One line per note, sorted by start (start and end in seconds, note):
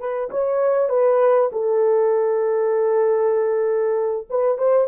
0.00 0.31 B4
0.31 0.89 C#5
0.89 1.51 B4
1.53 4.28 A4
4.30 4.58 B4
4.58 4.89 C5